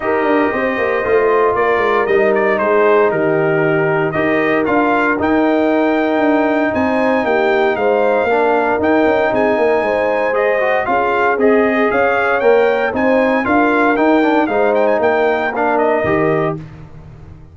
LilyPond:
<<
  \new Staff \with { instrumentName = "trumpet" } { \time 4/4 \tempo 4 = 116 dis''2. d''4 | dis''8 d''8 c''4 ais'2 | dis''4 f''4 g''2~ | g''4 gis''4 g''4 f''4~ |
f''4 g''4 gis''2 | dis''4 f''4 dis''4 f''4 | g''4 gis''4 f''4 g''4 | f''8 g''16 gis''16 g''4 f''8 dis''4. | }
  \new Staff \with { instrumentName = "horn" } { \time 4/4 ais'4 c''2 ais'4~ | ais'4 gis'4 g'2 | ais'1~ | ais'4 c''4 g'4 c''4 |
ais'2 gis'8 ais'8 c''4~ | c''4 gis'2 cis''4~ | cis''4 c''4 ais'2 | c''4 ais'2. | }
  \new Staff \with { instrumentName = "trombone" } { \time 4/4 g'2 f'2 | dis'1 | g'4 f'4 dis'2~ | dis'1 |
d'4 dis'2. | gis'8 fis'8 f'4 gis'2 | ais'4 dis'4 f'4 dis'8 d'8 | dis'2 d'4 g'4 | }
  \new Staff \with { instrumentName = "tuba" } { \time 4/4 dis'8 d'8 c'8 ais8 a4 ais8 gis8 | g4 gis4 dis2 | dis'4 d'4 dis'2 | d'4 c'4 ais4 gis4 |
ais4 dis'8 cis'8 c'8 ais8 gis4~ | gis4 cis'4 c'4 cis'4 | ais4 c'4 d'4 dis'4 | gis4 ais2 dis4 | }
>>